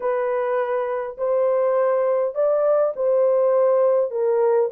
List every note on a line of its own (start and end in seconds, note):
0.00 1.17 B4
1.17 2.34 C5
2.34 2.93 D5
2.96 4.10 C5
4.10 4.69 A#4